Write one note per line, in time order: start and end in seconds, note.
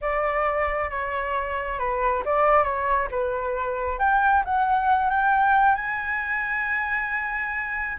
0.01 0.89 D5
0.89 1.78 C#5
1.79 2.23 B4
2.25 2.63 D5
2.63 3.08 C#5
3.11 3.98 B4
3.98 4.43 G5
4.44 5.10 F#5
5.10 5.75 G5
5.75 7.97 G#5